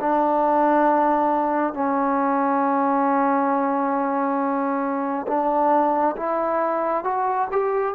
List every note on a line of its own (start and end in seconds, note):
0.00 1.73 D4
1.73 5.26 C#4
5.27 6.16 D4
6.16 7.04 E4
7.04 7.48 F#4
7.51 7.95 G4